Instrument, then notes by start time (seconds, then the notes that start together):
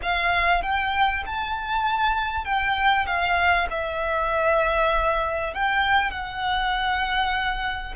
violin
0.02 F5
0.62 G5
1.26 A5
2.44 G5
3.06 F5
3.70 E5
5.54 G5
6.10 F#5